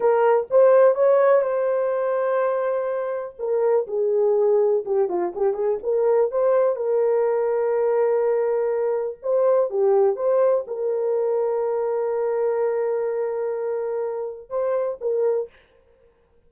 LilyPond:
\new Staff \with { instrumentName = "horn" } { \time 4/4 \tempo 4 = 124 ais'4 c''4 cis''4 c''4~ | c''2. ais'4 | gis'2 g'8 f'8 g'8 gis'8 | ais'4 c''4 ais'2~ |
ais'2. c''4 | g'4 c''4 ais'2~ | ais'1~ | ais'2 c''4 ais'4 | }